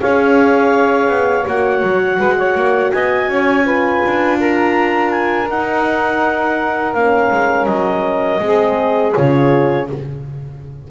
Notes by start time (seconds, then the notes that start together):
0.00 C#4 G#4 C#5 F5
1.08 B3
1.46 A#3 F#4 F#5
1.83 F#3
2.18 G#3 B4
2.38 C#5
2.56 A#3
2.92 B3 D#5 G#5
3.28 C#4 C#5
3.65 F4 B4
4.06 D4
4.40 A#4 A#5
5.11 G#5
5.49 D#4 F#5
6.93 A#3 C#4 F5
7.31 G#3
7.66 F#3 D#5
8.40 G#3 C4 G#4
9.13 C#3 F4 C#5